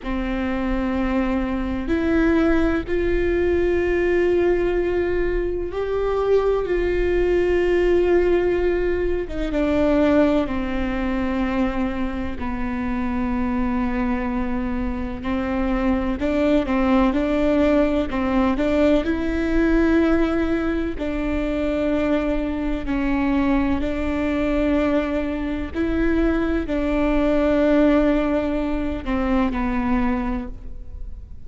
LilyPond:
\new Staff \with { instrumentName = "viola" } { \time 4/4 \tempo 4 = 63 c'2 e'4 f'4~ | f'2 g'4 f'4~ | f'4.~ f'16 dis'16 d'4 c'4~ | c'4 b2. |
c'4 d'8 c'8 d'4 c'8 d'8 | e'2 d'2 | cis'4 d'2 e'4 | d'2~ d'8 c'8 b4 | }